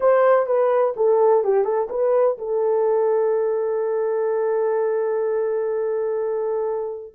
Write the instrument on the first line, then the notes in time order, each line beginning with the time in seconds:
horn
0.00 C5
0.46 B4
0.96 A4
1.44 G4
1.64 A4
1.89 B4
2.38 A4